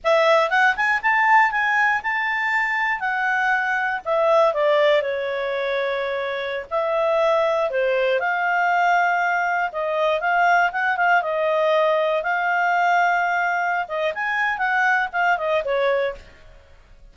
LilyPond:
\new Staff \with { instrumentName = "clarinet" } { \time 4/4 \tempo 4 = 119 e''4 fis''8 gis''8 a''4 gis''4 | a''2 fis''2 | e''4 d''4 cis''2~ | cis''4~ cis''16 e''2 c''8.~ |
c''16 f''2. dis''8.~ | dis''16 f''4 fis''8 f''8 dis''4.~ dis''16~ | dis''16 f''2.~ f''16 dis''8 | gis''4 fis''4 f''8 dis''8 cis''4 | }